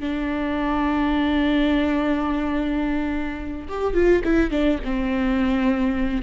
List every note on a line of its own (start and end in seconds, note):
0.00 3.68 D4
3.68 3.94 G4
3.94 4.22 F4
4.25 4.51 E4
4.51 4.79 D4
4.85 6.23 C4